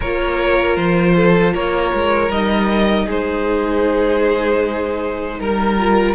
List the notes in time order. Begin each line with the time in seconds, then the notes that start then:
0.00 A#3 F4 A#4 C#5
0.76 F3 C5
1.16 A4
1.53 A#3 A#4 C#5
1.93 G#3
2.28 G3 D#4 D#5
3.05 G#3 G#4 C5
5.39 G3 A#4
5.77 F4